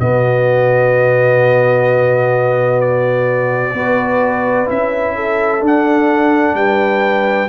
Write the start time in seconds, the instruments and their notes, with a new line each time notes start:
0.00 tuba B2, trombone B3, horn F#4, trumpet D#5
2.81 trumpet D5
3.74 tuba B3, trombone F#4, horn B4
4.67 tuba C#4, trombone E4, trumpet E5
5.16 horn A4
5.61 trombone D4, tuba D4
5.67 trumpet F#5
6.54 tuba G3, horn B4, trumpet G5